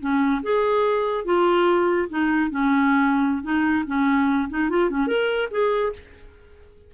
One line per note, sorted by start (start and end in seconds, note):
0.00 0.42 C#4
0.43 1.25 G#4
1.25 2.08 F4
2.09 2.50 D#4
2.50 3.43 C#4
3.43 3.84 D#4
3.86 4.49 C#4
4.50 4.70 D#4
4.70 4.90 F4
4.90 5.07 C#4
5.07 5.49 A#4
5.51 5.93 G#4